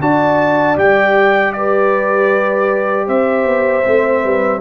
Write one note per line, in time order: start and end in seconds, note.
0.00 0.77 D4
0.00 0.76 F#4
0.00 1.55 D5
0.00 0.78 A5
0.76 3.08 G3
0.76 3.83 G4
0.76 1.53 G5
1.53 3.06 B4
1.53 3.07 D5
3.06 3.45 C4
3.06 4.21 C5
3.06 4.61 E5
3.45 3.84 B3
3.85 4.24 A3
3.85 4.61 C4
4.22 4.61 G3
4.22 4.61 B4